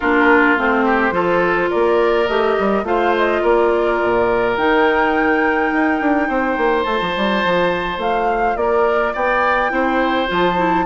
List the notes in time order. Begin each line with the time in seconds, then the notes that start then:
0.00 A#3 D4 F4 A#4
0.57 A3 C4 C5
0.85 G4
1.11 F3 F4 A4
1.70 A#3 A#4 D5
2.27 A3 G4 D#5
2.59 G3
2.83 A3 F4 C5 F5
3.17 D#5
3.42 A#3 A#4 D5
4.02 A#2
4.56 D#3 D#4 G5
5.72 D#4
6.00 D4
6.28 C4 C5
6.57 A#3
6.83 A3 F4 A5
7.01 F3
7.16 G3
7.44 F3
7.97 A3 F5
8.56 A#3 A#4 D5
9.13 B3 D5 G5
9.69 C4 E4 C5
10.27 F3 F4 A5
10.56 E4